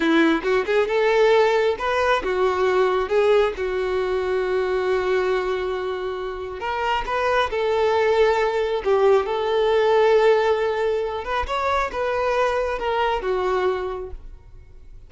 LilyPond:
\new Staff \with { instrumentName = "violin" } { \time 4/4 \tempo 4 = 136 e'4 fis'8 gis'8 a'2 | b'4 fis'2 gis'4 | fis'1~ | fis'2. ais'4 |
b'4 a'2. | g'4 a'2.~ | a'4. b'8 cis''4 b'4~ | b'4 ais'4 fis'2 | }